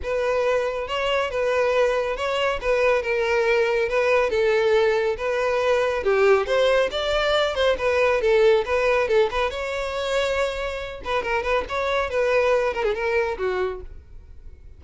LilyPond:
\new Staff \with { instrumentName = "violin" } { \time 4/4 \tempo 4 = 139 b'2 cis''4 b'4~ | b'4 cis''4 b'4 ais'4~ | ais'4 b'4 a'2 | b'2 g'4 c''4 |
d''4. c''8 b'4 a'4 | b'4 a'8 b'8 cis''2~ | cis''4. b'8 ais'8 b'8 cis''4 | b'4. ais'16 gis'16 ais'4 fis'4 | }